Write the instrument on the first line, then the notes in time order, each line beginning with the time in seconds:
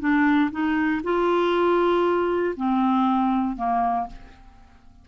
clarinet
0.00 D4
0.51 D#4
1.04 F4
2.56 C4
3.57 A#3